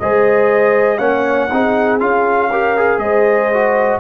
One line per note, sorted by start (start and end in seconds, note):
0.00 1.00 G#3
0.00 0.99 G#4
0.00 0.99 C5
0.00 0.99 D#5
0.99 1.50 A#3
0.99 1.49 C#4
0.99 1.49 C#5
0.99 1.99 F#5
1.52 2.01 C4
1.52 2.01 D#4
1.52 2.50 G#4
2.00 2.99 C#4
2.00 2.51 F4
2.00 2.99 F5
2.50 2.77 G4
2.50 3.00 A#4
2.78 3.53 G#4
2.99 3.99 G#3
2.99 4.00 C5
2.99 3.99 D#5
3.54 4.00 F#4